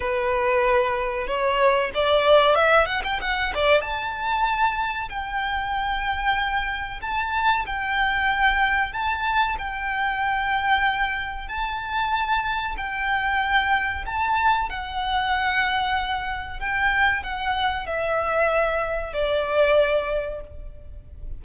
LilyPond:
\new Staff \with { instrumentName = "violin" } { \time 4/4 \tempo 4 = 94 b'2 cis''4 d''4 | e''8 fis''16 g''16 fis''8 d''8 a''2 | g''2. a''4 | g''2 a''4 g''4~ |
g''2 a''2 | g''2 a''4 fis''4~ | fis''2 g''4 fis''4 | e''2 d''2 | }